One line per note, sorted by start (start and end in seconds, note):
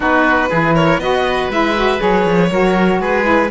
0.00 0.47 B3
0.00 0.50 D#4
0.00 0.49 F#4
0.00 0.74 B4
0.49 0.97 E3
0.49 1.01 E4
0.49 0.74 G#4
0.74 0.99 A#4
0.74 0.99 C#5
0.97 1.47 B3
0.97 1.50 F#4
0.97 2.51 B4
0.97 1.49 D#5
1.49 1.99 G#3
1.49 1.75 E4
1.49 2.00 E5
1.76 1.98 F#4
1.98 2.25 F#3
1.98 2.48 G#4
1.98 3.00 C#5
2.25 2.50 F3
2.51 2.99 F#3
2.51 3.22 F#4
2.51 3.00 A#4
2.99 3.49 G#3
2.99 3.50 G#4
2.99 3.50 B4
3.22 3.47 E4